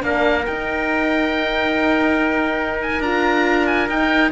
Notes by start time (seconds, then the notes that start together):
0.00 A#3 D4 A#4 F5
0.46 D#4 G5
2.82 G#5
3.00 D4 F4 A#5
3.67 G#5
3.88 D#4 G5